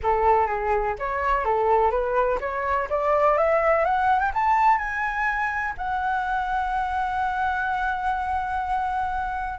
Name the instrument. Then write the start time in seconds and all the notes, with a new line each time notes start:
flute
0.02 A4
0.46 G#4
0.99 C#5
1.44 A4
1.90 B4
2.40 C#5
2.89 D5
3.37 E5
3.84 F#5
4.19 G5
4.33 A5
4.78 G#5
5.77 F#5